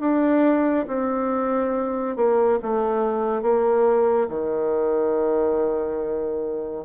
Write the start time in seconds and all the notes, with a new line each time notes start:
0.00 D4
0.88 C4
2.16 A#3
2.62 A3
3.42 A#3
4.29 D#3